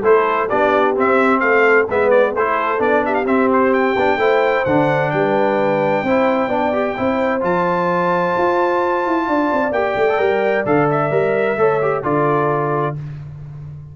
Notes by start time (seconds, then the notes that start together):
0.00 A3 E4 A4 C5
0.49 B3 D4 G4 D5
0.95 C4 E5
1.40 A3 A4 F5
1.89 G#3 B3 B4 E5
2.10 D5
2.34 A3 E4 A4 C5
2.78 B3 D4 D5
3.05 G4 E5
3.14 F5
3.25 C4 E5
3.53 C5
3.73 G5
3.96 B3 D4
4.17 A3 E4 C5
4.65 D3 D4 F#5
5.11 G3 B4 G5
6.03 C4 E4 C5
6.47 B3 D4 D5
6.73 G4
6.97 C4 E4 C5
7.40 F3 F4 A5
8.37 F4
9.06 E4
9.28 D4 D5
9.52 C4
9.71 A#3 G4 G5
9.96 A3
10.09 A4
10.18 G3 A#4
10.65 D3 A4 F5
10.90 E5
11.11 G3 A#4
11.56 A3 A4 C#5
11.81 G4
12.02 D3 F4 A4 D5